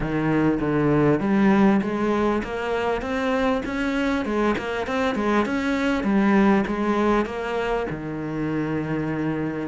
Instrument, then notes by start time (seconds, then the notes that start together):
cello
0.00 D#3
0.60 D3
1.20 G3
1.81 G#3
2.43 A#3
3.01 C4
3.65 C#4
4.25 G#3
4.58 A#3
4.87 C4
5.15 G#3
5.45 C#4
6.03 G3
6.66 G#3
7.25 A#3
7.90 D#3